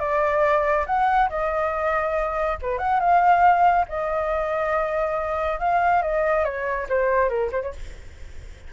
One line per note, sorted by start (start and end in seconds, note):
0.00 0.86 D5
0.87 1.30 F#5
1.30 2.58 D#5
2.62 2.79 B4
2.79 3.00 F#5
3.00 3.86 F5
3.89 5.60 D#5
5.60 6.03 F5
6.03 6.45 D#5
6.45 6.87 C#5
6.89 7.29 C5
7.29 7.51 A#4
7.52 7.62 C5
7.62 7.73 C#5